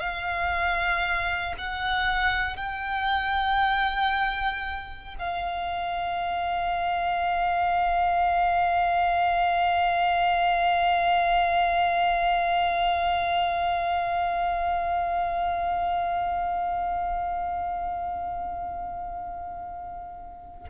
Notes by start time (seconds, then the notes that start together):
0.00 F5
1.58 F#5
2.57 G5
5.19 F5